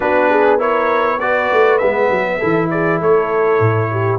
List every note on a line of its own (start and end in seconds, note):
0.00 1.50 B3
0.00 0.58 D4
0.00 0.29 F#4
0.00 0.59 B4
0.29 0.57 G#4
0.57 1.19 E4
0.57 1.17 A#4
0.57 1.19 C#5
1.19 1.81 F#4
1.19 2.38 B4
1.19 1.78 D5
1.51 1.81 A3
1.78 2.09 G#3
1.78 2.40 B3
1.78 2.68 E5
2.09 2.39 F#3
2.38 3.01 E3
2.38 4.19 E4
2.38 2.68 A4
2.70 2.99 G#4
2.70 3.00 D5
2.99 3.59 A3
2.99 3.89 A4
2.99 4.19 C#5
3.59 4.19 A2
3.91 4.19 G4